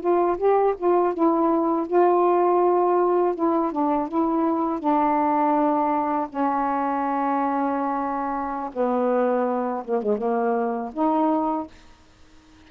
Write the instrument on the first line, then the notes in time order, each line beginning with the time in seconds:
saxophone
0.00 F4
0.37 G4
0.77 F4
1.13 E4
1.87 F4
3.35 E4
3.71 D4
4.08 E4
4.79 D4
6.29 C#4
8.73 B3
9.85 A#3
10.02 G#3
10.17 A#3
10.93 D#4